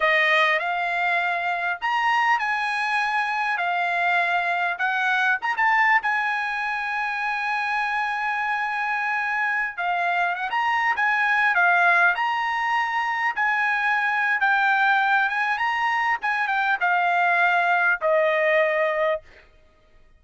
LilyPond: \new Staff \with { instrumentName = "trumpet" } { \time 4/4 \tempo 4 = 100 dis''4 f''2 ais''4 | gis''2 f''2 | fis''4 ais''16 a''8. gis''2~ | gis''1~ |
gis''16 f''4 fis''16 ais''8. gis''4 f''8.~ | f''16 ais''2 gis''4.~ gis''16 | g''4. gis''8 ais''4 gis''8 g''8 | f''2 dis''2 | }